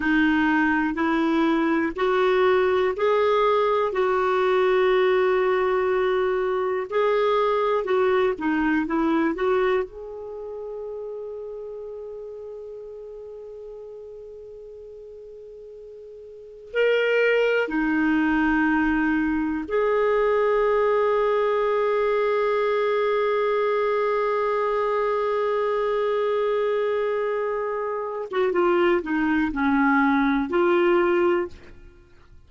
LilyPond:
\new Staff \with { instrumentName = "clarinet" } { \time 4/4 \tempo 4 = 61 dis'4 e'4 fis'4 gis'4 | fis'2. gis'4 | fis'8 dis'8 e'8 fis'8 gis'2~ | gis'1~ |
gis'4 ais'4 dis'2 | gis'1~ | gis'1~ | gis'8. fis'16 f'8 dis'8 cis'4 f'4 | }